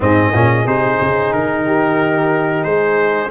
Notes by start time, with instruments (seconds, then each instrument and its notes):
0.00 tuba G#2, trombone C4, horn G#4, trumpet D#5
0.33 tuba A#2, trombone C#4
0.66 tuba C3, trombone D#4, trumpet C5
1.00 tuba C#3
1.33 tuba D#3, trumpet A#4
1.66 horn G4
2.64 tuba G#3, horn G#4, trumpet C5